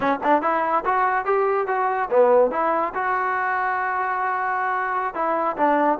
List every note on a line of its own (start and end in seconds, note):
0.00 0.19 C#4
0.23 0.42 D4
0.42 0.84 E4
0.85 1.25 F#4
1.25 1.67 G4
1.67 2.09 F#4
2.10 2.51 B3
2.51 2.93 E4
2.94 5.14 F#4
5.14 5.56 E4
5.57 5.98 D4